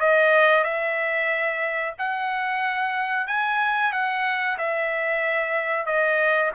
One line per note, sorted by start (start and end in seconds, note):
0.00 0.64 D#5
0.64 1.94 E5
1.98 3.27 F#5
3.27 3.92 G#5
3.92 4.57 F#5
4.58 5.86 E5
5.86 6.51 D#5